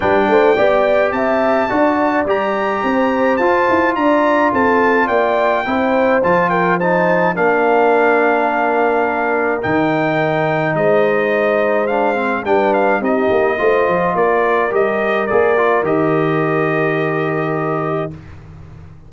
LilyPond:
<<
  \new Staff \with { instrumentName = "trumpet" } { \time 4/4 \tempo 4 = 106 g''2 a''2 | ais''2 a''4 ais''4 | a''4 g''2 a''8 g''8 | a''4 f''2.~ |
f''4 g''2 dis''4~ | dis''4 f''4 g''8 f''8 dis''4~ | dis''4 d''4 dis''4 d''4 | dis''1 | }
  \new Staff \with { instrumentName = "horn" } { \time 4/4 b'8 c''8 d''4 e''4 d''4~ | d''4 c''2 d''4 | a'4 d''4 c''4. ais'8 | c''4 ais'2.~ |
ais'2. c''4~ | c''2 b'4 g'4 | c''4 ais'2.~ | ais'1 | }
  \new Staff \with { instrumentName = "trombone" } { \time 4/4 d'4 g'2 fis'4 | g'2 f'2~ | f'2 e'4 f'4 | dis'4 d'2.~ |
d'4 dis'2.~ | dis'4 d'8 c'8 d'4 dis'4 | f'2 g'4 gis'8 f'8 | g'1 | }
  \new Staff \with { instrumentName = "tuba" } { \time 4/4 g8 a8 b4 c'4 d'4 | g4 c'4 f'8 e'8 d'4 | c'4 ais4 c'4 f4~ | f4 ais2.~ |
ais4 dis2 gis4~ | gis2 g4 c'8 ais8 | a8 f8 ais4 g4 ais4 | dis1 | }
>>